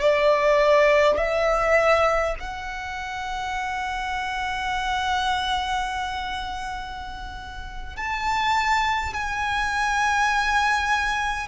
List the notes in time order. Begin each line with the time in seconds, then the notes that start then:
0.00 D5
1.17 E5
2.39 F#5
7.96 A5
9.13 G#5